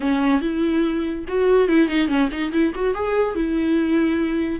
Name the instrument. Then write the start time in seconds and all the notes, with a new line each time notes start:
viola
0.00 C#4
0.41 E4
1.28 F#4
1.68 E4
1.88 D#4
2.08 C#4
2.31 D#4
2.52 E4
2.74 F#4
2.94 G#4
3.35 E4